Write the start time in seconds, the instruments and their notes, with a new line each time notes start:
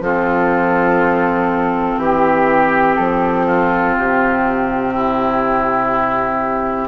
0.00 bassoon F3, clarinet C4, oboe F4, flute A4
1.97 bassoon E3, flute G4, oboe G4
2.96 bassoon F3, flute A4
3.46 oboe F4
3.98 bassoon C3, flute G4
4.94 oboe E4